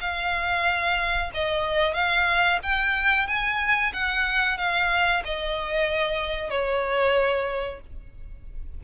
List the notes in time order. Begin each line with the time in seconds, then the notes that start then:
0.00 F5
1.34 D#5
1.94 F5
2.63 G5
3.27 G#5
3.93 F#5
4.57 F5
5.25 D#5
6.50 C#5